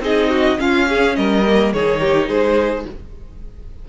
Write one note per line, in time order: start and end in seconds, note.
0.00 0.57 C4
0.00 0.58 D#4
0.00 0.30 G#4
0.00 0.60 D#5
0.30 0.58 F#4
0.58 1.43 C#4
0.58 1.17 C#4
0.58 0.88 F4
0.58 1.16 F5
0.88 1.17 G#4
1.16 1.73 G3
1.16 1.74 A#4
1.16 1.72 D#5
1.46 1.75 A#3
1.73 2.29 D#3
1.73 2.89 D#4
1.73 2.01 G#4
1.73 2.29 C#5
2.01 2.28 G4
2.28 2.85 G#3
2.28 2.85 G#4
2.28 2.85 C5